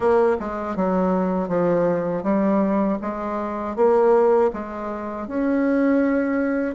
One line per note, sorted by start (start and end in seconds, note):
0.00 0.36 A#3
0.39 0.76 G#3
0.76 1.48 F#3
1.48 2.23 F3
2.23 2.98 G3
3.01 3.75 G#3
3.75 4.50 A#3
4.53 5.27 G#3
5.27 6.75 C#4